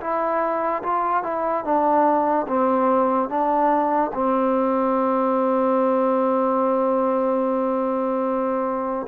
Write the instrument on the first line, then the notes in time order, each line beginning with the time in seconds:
trombone
0.00 E4
0.83 F4
1.23 E4
1.64 D4
2.47 C4
3.29 D4
4.13 C4